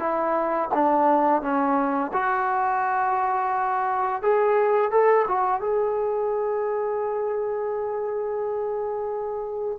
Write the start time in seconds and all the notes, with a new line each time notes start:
0.00 E4
0.75 D4
1.42 C#4
2.14 F#4
4.22 G#4
4.92 A4
5.28 F#4
5.61 G#4